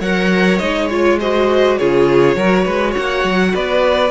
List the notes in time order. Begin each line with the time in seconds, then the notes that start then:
0.00 F#3 A#4 C#5 F#5
0.58 G#3 D#4 D#5
0.90 F4 C#5
1.19 F#4 C5 D#5
1.77 C#3 F4 G#4 C#5
2.36 F#3 F#4 A#4
2.65 G#3 B4
2.91 C#5 F#5
2.98 A#3
3.24 F#3
3.55 B3 B4 D5